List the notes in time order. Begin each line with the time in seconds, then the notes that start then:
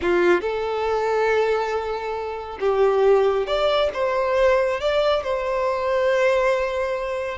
0.01 F4
0.41 A4
2.60 G4
3.46 D5
3.93 C5
4.80 D5
5.23 C5